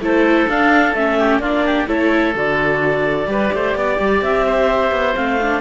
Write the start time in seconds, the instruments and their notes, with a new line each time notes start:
0.00 cello A3, viola E4, oboe A4, clarinet C5
0.49 viola D4, cello D4, clarinet F5
0.95 cello A3, viola C#4, clarinet E5
1.19 oboe G4
1.40 cello A#3, viola D4, oboe F4, clarinet D5
1.66 oboe G4
1.88 cello A3, viola E4, oboe A4, clarinet C#5
2.35 cello D3, viola F#4, clarinet D5
3.27 cello G3, viola G4, oboe B4
3.54 cello A3, oboe C5
3.76 cello B3, oboe D5
4.00 cello G3
4.22 cello C4, clarinet E5
4.47 oboe C5
4.92 cello B3
5.15 cello A3, viola C4, clarinet F5
5.42 viola D4